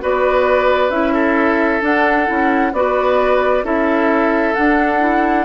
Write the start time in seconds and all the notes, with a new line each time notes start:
0.00 B3 F#4 B4 D5
0.90 C#4 E4 E5
1.13 A4
1.81 D4 F#5
2.27 C#4 E4
2.73 B3 F#4 B4 D5
3.63 C#4 E4 A4 E5
4.55 D4 F#5
5.00 E4